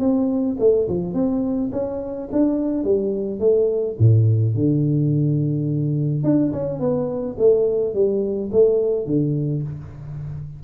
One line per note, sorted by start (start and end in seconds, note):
0.00 0.57 C4
0.60 0.88 A3
0.89 1.14 F3
1.14 1.71 C4
1.72 2.29 C#4
2.32 2.84 D4
2.84 3.40 G3
3.40 3.97 A3
3.99 4.55 A2
4.55 6.24 D3
6.24 6.52 D4
6.53 6.80 C#4
6.80 7.36 B3
7.39 7.94 A3
7.94 8.51 G3
8.52 9.06 A3
9.06 9.63 D3